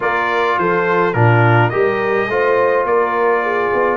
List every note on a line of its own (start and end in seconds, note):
0.00 0.58 A#3
0.00 1.13 F4
0.00 0.58 A#4
0.00 0.58 D5
0.58 1.14 F3
0.58 1.15 A4
0.58 1.13 C5
1.13 1.71 A#2
1.13 1.71 D4
1.13 1.71 F4
1.13 1.69 A#4
1.69 2.28 G3
1.69 2.28 G4
1.69 2.28 A#4
1.69 2.84 D#5
2.28 2.84 A3
2.28 3.96 F4
2.28 2.86 C5
2.84 3.70 A#3
2.84 3.43 A#4
2.84 3.96 D5
3.43 3.96 G#4
3.73 3.96 B3